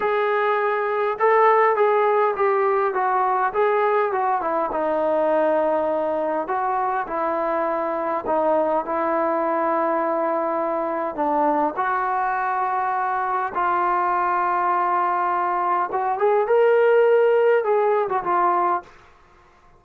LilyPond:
\new Staff \with { instrumentName = "trombone" } { \time 4/4 \tempo 4 = 102 gis'2 a'4 gis'4 | g'4 fis'4 gis'4 fis'8 e'8 | dis'2. fis'4 | e'2 dis'4 e'4~ |
e'2. d'4 | fis'2. f'4~ | f'2. fis'8 gis'8 | ais'2 gis'8. fis'16 f'4 | }